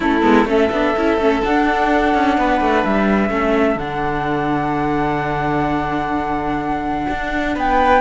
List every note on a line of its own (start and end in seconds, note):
0.00 0.22 A3
0.00 0.22 C#4
0.00 0.47 E4
0.00 0.48 A4
0.22 0.45 G#3
0.22 0.45 B3
0.45 0.69 A3
0.45 0.70 C#4
0.45 2.38 A4
0.45 1.42 E5
0.71 0.95 B3
0.71 0.96 D4
0.96 1.17 C#4
0.96 1.19 E4
1.17 1.41 A3
1.17 1.42 C#4
1.42 3.29 D4
1.42 2.14 D4
1.42 2.84 F#5
2.14 2.37 C#4
2.37 2.61 B3
2.37 3.32 B4
2.61 2.84 A3
2.84 3.29 G3
2.84 3.78 E5
3.29 3.75 A3
3.29 3.76 C#4
3.29 7.54 A4
3.75 7.06 D3
3.75 8.01 D4
3.75 7.56 F#5
7.09 7.56 D4
7.54 8.01 B3
7.54 8.01 B4
7.54 8.01 G5